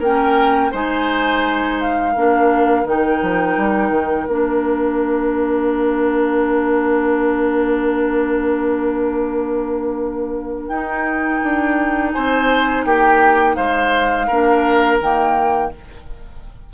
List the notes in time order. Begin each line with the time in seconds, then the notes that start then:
0.00 A#3 C#4 A#4 G5
0.72 G#3 D#4 C5 G#5
1.80 F5
2.13 A#3 D4 A#4
2.84 D#3 D#4 G5
3.22 F3
3.57 G3
3.90 D#3
4.27 A#3 D4 F5
10.68 D#4 G5
11.43 D4
12.13 C4 C5 G#5
12.85 A#3 G4 G5
13.56 G#3 C5 F5
14.27 A#3 D4 A#4
15.01 D#3 A#3 G5